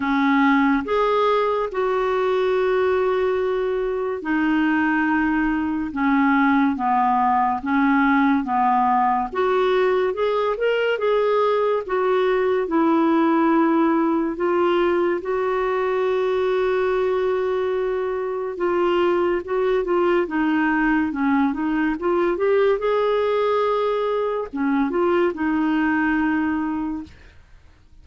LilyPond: \new Staff \with { instrumentName = "clarinet" } { \time 4/4 \tempo 4 = 71 cis'4 gis'4 fis'2~ | fis'4 dis'2 cis'4 | b4 cis'4 b4 fis'4 | gis'8 ais'8 gis'4 fis'4 e'4~ |
e'4 f'4 fis'2~ | fis'2 f'4 fis'8 f'8 | dis'4 cis'8 dis'8 f'8 g'8 gis'4~ | gis'4 cis'8 f'8 dis'2 | }